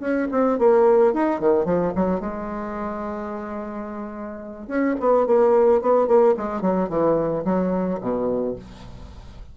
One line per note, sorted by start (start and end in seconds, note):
0.00 0.28 C#4
0.32 0.59 C4
0.59 1.14 A#3
1.14 1.40 D#4
1.40 1.65 D#3
1.65 1.93 F3
1.95 2.20 F#3
2.20 4.68 G#3
4.68 4.95 C#4
5.00 5.27 B3
5.27 5.81 A#3
5.81 6.07 B3
6.07 6.35 A#3
6.37 6.61 G#3
6.61 6.89 F#3
6.89 7.44 E3
7.45 8.00 F#3
8.01 8.56 B2